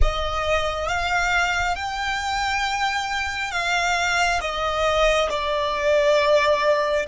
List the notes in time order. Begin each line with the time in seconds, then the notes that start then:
0.01 D#5
0.88 F5
1.75 G5
3.51 F5
4.40 D#5
5.29 D5